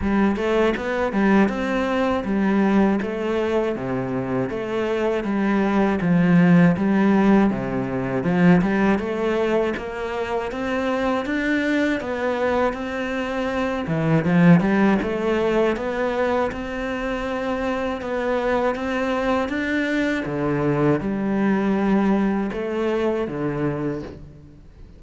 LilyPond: \new Staff \with { instrumentName = "cello" } { \time 4/4 \tempo 4 = 80 g8 a8 b8 g8 c'4 g4 | a4 c4 a4 g4 | f4 g4 c4 f8 g8 | a4 ais4 c'4 d'4 |
b4 c'4. e8 f8 g8 | a4 b4 c'2 | b4 c'4 d'4 d4 | g2 a4 d4 | }